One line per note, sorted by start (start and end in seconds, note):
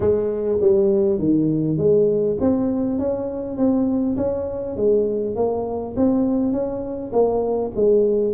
0.00 0.59 G#3
0.60 1.19 G3
1.19 1.77 D#3
1.77 2.37 G#3
2.40 2.98 C4
2.98 3.57 C#4
3.57 4.16 C4
4.17 4.76 C#4
4.76 5.35 G#3
5.35 5.95 A#3
5.96 6.52 C4
6.52 7.11 C#4
7.12 7.71 A#3
7.75 8.34 G#3